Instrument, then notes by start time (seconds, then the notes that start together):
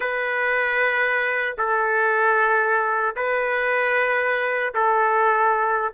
trumpet
0.00 B4
1.58 A4
3.16 B4
4.74 A4